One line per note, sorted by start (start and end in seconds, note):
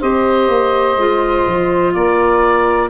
0.00 0.48 C4
0.00 0.99 G4
0.00 1.94 C5
0.00 1.95 D#5
0.48 0.97 A#3
0.97 1.45 G#3
0.97 2.90 F4
1.47 1.95 F3
1.94 2.90 A#3
1.94 2.90 A#4
1.94 2.90 D5